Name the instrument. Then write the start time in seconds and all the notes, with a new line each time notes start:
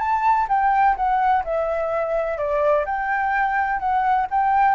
flute
0.00 A5
0.49 G5
0.97 F#5
1.45 E5
2.38 D5
2.86 G5
3.80 F#5
4.31 G5